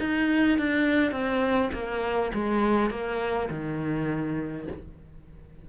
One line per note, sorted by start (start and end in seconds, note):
0.00 0.59 D#4
0.59 1.12 D4
1.12 1.71 C4
1.74 2.32 A#3
2.34 2.91 G#3
2.91 3.49 A#3
3.50 4.68 D#3